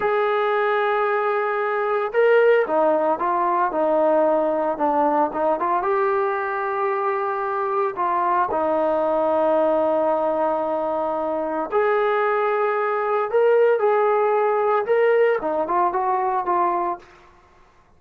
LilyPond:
\new Staff \with { instrumentName = "trombone" } { \time 4/4 \tempo 4 = 113 gis'1 | ais'4 dis'4 f'4 dis'4~ | dis'4 d'4 dis'8 f'8 g'4~ | g'2. f'4 |
dis'1~ | dis'2 gis'2~ | gis'4 ais'4 gis'2 | ais'4 dis'8 f'8 fis'4 f'4 | }